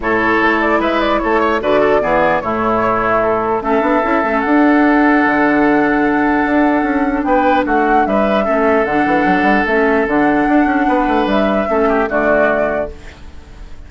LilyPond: <<
  \new Staff \with { instrumentName = "flute" } { \time 4/4 \tempo 4 = 149 cis''4. d''8 e''8 d''8 cis''4 | d''2 cis''2 | a'4 e''2 fis''4~ | fis''1~ |
fis''2 g''4 fis''4 | e''2 fis''2 | e''4 fis''2. | e''2 d''2 | }
  \new Staff \with { instrumentName = "oboe" } { \time 4/4 a'2 b'4 a'8 cis''8 | b'8 a'8 gis'4 e'2~ | e'4 a'2.~ | a'1~ |
a'2 b'4 fis'4 | b'4 a'2.~ | a'2. b'4~ | b'4 a'8 g'8 fis'2 | }
  \new Staff \with { instrumentName = "clarinet" } { \time 4/4 e'1 | fis'4 b4 a2~ | a4 cis'8 d'8 e'8 cis'8 d'4~ | d'1~ |
d'1~ | d'4 cis'4 d'2 | cis'4 d'2.~ | d'4 cis'4 a2 | }
  \new Staff \with { instrumentName = "bassoon" } { \time 4/4 a,4 a4 gis4 a4 | d4 e4 a,2~ | a,4 a8 b8 cis'8 a8 d'4~ | d'4 d2. |
d'4 cis'4 b4 a4 | g4 a4 d8 e8 fis8 g8 | a4 d4 d'8 cis'8 b8 a8 | g4 a4 d2 | }
>>